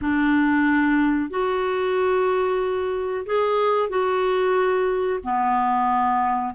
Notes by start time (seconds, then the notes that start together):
0.01 D4
1.30 F#4
3.25 G#4
3.89 F#4
5.24 B3